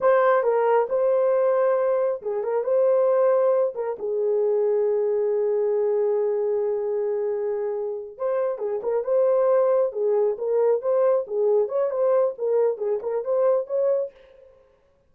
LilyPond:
\new Staff \with { instrumentName = "horn" } { \time 4/4 \tempo 4 = 136 c''4 ais'4 c''2~ | c''4 gis'8 ais'8 c''2~ | c''8 ais'8 gis'2.~ | gis'1~ |
gis'2~ gis'8 c''4 gis'8 | ais'8 c''2 gis'4 ais'8~ | ais'8 c''4 gis'4 cis''8 c''4 | ais'4 gis'8 ais'8 c''4 cis''4 | }